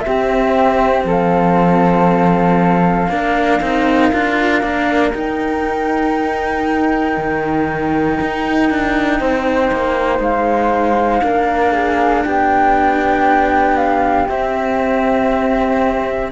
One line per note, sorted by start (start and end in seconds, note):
0.00 3.10 C4
0.00 1.07 G4
0.00 1.02 E5
0.07 1.04 C4
1.04 3.08 F3
1.04 3.09 A4
1.04 5.12 F5
3.08 3.59 A#3
3.08 3.61 D4
3.08 9.19 A#4
3.61 4.11 C4
3.61 4.12 D#4
4.12 4.62 D4
4.12 4.61 F4
4.61 5.13 A#3
4.61 5.12 D4
5.12 7.17 D#4
5.12 11.22 D#4
5.12 10.21 G5
7.17 8.19 D#3
8.21 8.70 D#4
8.70 9.20 D4
9.20 9.71 C4
9.20 11.23 C5
9.72 10.19 A#3
10.19 11.21 G#3
10.19 12.24 F5
11.22 12.25 A#3
11.22 14.27 D4
11.22 11.72 A#4
11.72 12.23 G#4
12.24 14.29 B3
12.24 16.31 G4
12.24 13.76 G5
13.76 14.27 F5
14.28 16.31 C4
14.28 16.31 E5